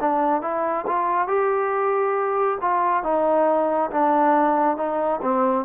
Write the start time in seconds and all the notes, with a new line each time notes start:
0.00 D4
0.41 E4
0.87 F4
1.27 G4
2.61 F4
3.03 D#4
3.91 D4
4.76 D#4
5.21 C4